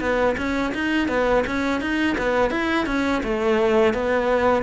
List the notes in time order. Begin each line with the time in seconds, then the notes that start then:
0.00 B3
0.37 C#4
0.74 D#4
1.08 B3
1.47 C#4
1.81 D#4
2.18 B3
2.51 E4
2.86 C#4
3.23 A3
3.94 B3